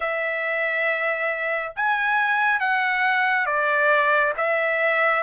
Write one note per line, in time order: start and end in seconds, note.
0.00 1.72 E5
1.75 2.60 G#5
2.60 3.46 F#5
3.46 4.33 D5
4.37 5.23 E5